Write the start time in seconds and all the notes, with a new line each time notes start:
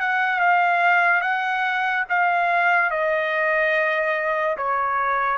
0.00 F#5
0.40 F5
1.21 F#5
2.09 F5
2.90 D#5
4.57 C#5